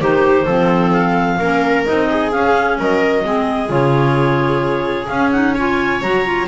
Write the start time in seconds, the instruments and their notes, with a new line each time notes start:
0.00 double bass D#3, clarinet D#4 C5, viola G4
0.45 double bass F3, clarinet C4, viola A4
0.92 clarinet F5
1.39 double bass A#3, clarinet C#4, viola A#4
1.85 double bass C4, clarinet D#4 D#5
2.09 viola G#4
2.31 clarinet C#4 F5, double bass C#4
2.78 double bass F#3, viola A#4, clarinet D#5
3.24 double bass G#3, clarinet C4, viola G#4
3.68 double bass C#3, clarinet F4 C#5
5.07 clarinet C#4 F5, double bass C#4
5.31 clarinet D#4 F#5
5.54 clarinet F4 G#5, viola C#5
6.01 double bass F#3, clarinet F#4 A#5
6.25 clarinet F4